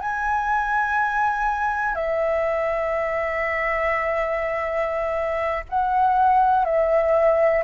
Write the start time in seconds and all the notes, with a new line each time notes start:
0.00 G#5
1.95 E5
5.70 F#5
6.65 E5